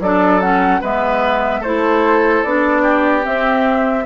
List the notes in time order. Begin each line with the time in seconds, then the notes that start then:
0.00 F#3 D4 A4 D5
0.41 C#4 F#5
0.81 G#3 B3 B4 E5
1.61 A3 E4 A4 C5
2.44 B3 D4 D5
2.83 G4
3.23 C4 E5